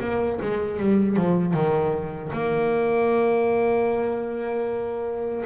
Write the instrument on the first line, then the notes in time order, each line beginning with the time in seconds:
double bass
0.00 A#3
0.41 G#3
0.79 G3
1.16 F3
1.53 D#3
2.32 A#3